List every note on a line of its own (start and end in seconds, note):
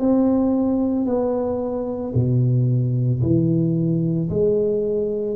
0.00 1.06 C4
1.06 2.13 B3
2.15 3.22 B2
3.22 4.30 E3
4.30 5.36 G#3